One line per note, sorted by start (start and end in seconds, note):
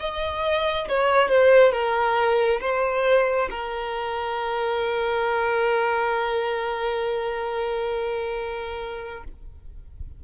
0.00 0.88 D#5
0.89 1.29 C#5
1.29 1.72 C5
1.72 2.61 A#4
2.61 3.49 C5
3.51 9.24 A#4